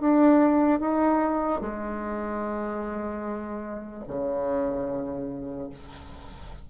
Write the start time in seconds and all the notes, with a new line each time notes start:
0.00 D4
0.80 D#4
1.61 G#3
4.08 C#3